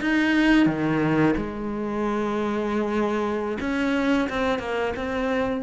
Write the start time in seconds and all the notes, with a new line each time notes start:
0.00 D#4
0.66 D#3
1.36 G#3
3.60 C#4
4.29 C4
4.59 A#3
4.96 C4